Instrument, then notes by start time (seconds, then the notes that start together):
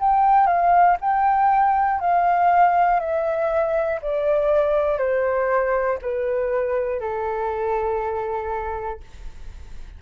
flute
0.00 G5
0.47 F5
1.01 G5
2.00 F5
3.00 E5
4.02 D5
4.98 C5
6.02 B4
7.00 A4